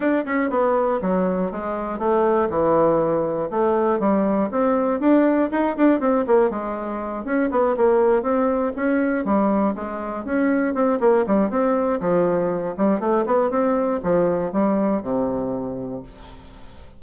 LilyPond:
\new Staff \with { instrumentName = "bassoon" } { \time 4/4 \tempo 4 = 120 d'8 cis'8 b4 fis4 gis4 | a4 e2 a4 | g4 c'4 d'4 dis'8 d'8 | c'8 ais8 gis4. cis'8 b8 ais8~ |
ais8 c'4 cis'4 g4 gis8~ | gis8 cis'4 c'8 ais8 g8 c'4 | f4. g8 a8 b8 c'4 | f4 g4 c2 | }